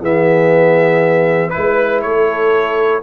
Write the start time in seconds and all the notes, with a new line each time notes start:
0.00 E3 B3 G#4 E5
1.50 E4 B4
1.56 G#3
2.01 A3 A4 C#5